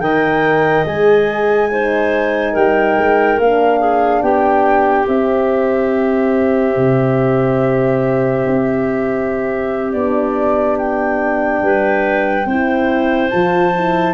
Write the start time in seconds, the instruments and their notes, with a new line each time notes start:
0.00 tuba D#3, horn A#4, clarinet D#5, flute G5
0.85 tuba G#3, horn G#4, flute G#5
1.71 horn D#4, clarinet C5
2.53 tuba G3, clarinet A#4, flute G5
2.99 tuba G#3
3.38 tuba A#3, horn D4, flute F5
3.80 clarinet G#4
4.22 tuba B3, clarinet G4, flute G5
5.08 tuba C4, horn C4, flute E5
6.76 tuba C3
8.46 tuba C4
9.93 tuba B3, horn D4, flute D5
10.78 flute G5
11.62 tuba G3, clarinet B4
12.46 tuba C4, horn E4, clarinet C5
13.30 tuba F3, horn F4, flute A5
13.76 horn E4